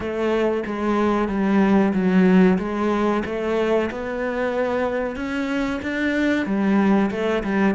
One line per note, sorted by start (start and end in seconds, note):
0.00 0.63 A3
0.65 1.28 G#3
1.28 1.92 G3
1.93 2.58 F#3
2.58 3.23 G#3
3.25 3.89 A3
3.90 5.16 B3
5.16 5.80 C#4
5.82 6.45 D4
6.45 7.10 G3
7.11 7.43 A3
7.43 7.74 G3